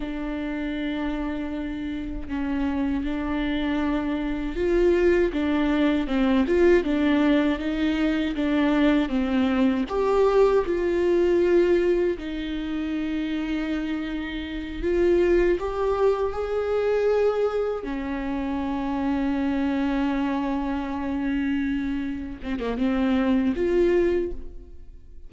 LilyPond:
\new Staff \with { instrumentName = "viola" } { \time 4/4 \tempo 4 = 79 d'2. cis'4 | d'2 f'4 d'4 | c'8 f'8 d'4 dis'4 d'4 | c'4 g'4 f'2 |
dis'2.~ dis'8 f'8~ | f'8 g'4 gis'2 cis'8~ | cis'1~ | cis'4. c'16 ais16 c'4 f'4 | }